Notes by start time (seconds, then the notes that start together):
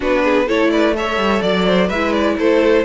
0.00 B3 D4 F#4 B4
0.23 G#4
0.46 A3 E4 A4 C#5
0.70 B4 D5
0.96 A4 C#5 E5
1.17 G3
1.42 F#3 D5
1.66 C5
1.87 G#3 B4 E5
1.94 E4
2.12 D5
2.38 A3 A4 C5